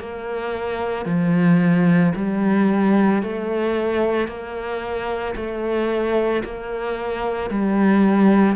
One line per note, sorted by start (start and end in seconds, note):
0.00 1.05 A#3
1.05 2.12 F3
2.15 3.22 G3
3.23 4.28 A3
4.28 5.35 A#3
5.36 6.43 A3
6.44 7.50 A#3
7.50 8.56 G3